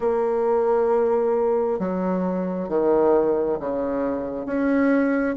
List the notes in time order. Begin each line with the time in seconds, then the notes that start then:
0.00 A#3
1.79 F#3
2.68 D#3
3.59 C#3
4.46 C#4